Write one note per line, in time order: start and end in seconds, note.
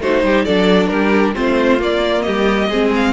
0.00 0.22 A3
0.00 0.47 D#4
0.00 0.24 F#4
0.00 0.45 C5
0.22 0.45 G3
0.22 0.45 G4
0.45 0.90 F#3
0.45 1.34 D4
0.45 0.90 A4
0.45 0.88 D5
0.88 1.35 G3
0.88 1.35 G4
0.88 1.33 A#4
1.34 1.81 A3
1.34 1.79 C4
1.34 2.25 F4
1.34 1.81 C5
1.79 2.69 A#3
1.79 2.27 A#3
1.79 2.22 D5
2.22 2.69 G3
2.22 2.69 G4
2.22 2.90 D#5
2.69 3.13 G#3
2.69 3.13 C4
2.69 3.13 G#4
2.96 3.13 F5